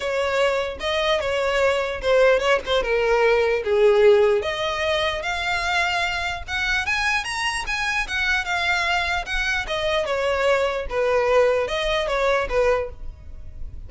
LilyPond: \new Staff \with { instrumentName = "violin" } { \time 4/4 \tempo 4 = 149 cis''2 dis''4 cis''4~ | cis''4 c''4 cis''8 c''8 ais'4~ | ais'4 gis'2 dis''4~ | dis''4 f''2. |
fis''4 gis''4 ais''4 gis''4 | fis''4 f''2 fis''4 | dis''4 cis''2 b'4~ | b'4 dis''4 cis''4 b'4 | }